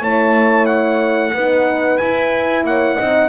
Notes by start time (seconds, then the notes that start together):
0.00 A3 E4 C#5 A5
0.66 F#5
1.33 B3 D#4 B4
1.97 E4 G#5
2.64 A#3 C#5 F#5
2.95 C4 D#4 D#5